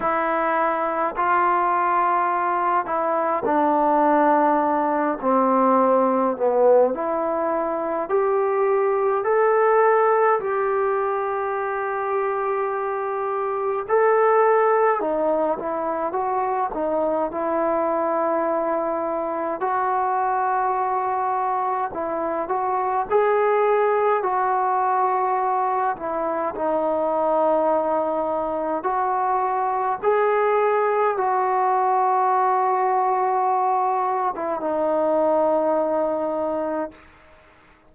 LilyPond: \new Staff \with { instrumentName = "trombone" } { \time 4/4 \tempo 4 = 52 e'4 f'4. e'8 d'4~ | d'8 c'4 b8 e'4 g'4 | a'4 g'2. | a'4 dis'8 e'8 fis'8 dis'8 e'4~ |
e'4 fis'2 e'8 fis'8 | gis'4 fis'4. e'8 dis'4~ | dis'4 fis'4 gis'4 fis'4~ | fis'4.~ fis'16 e'16 dis'2 | }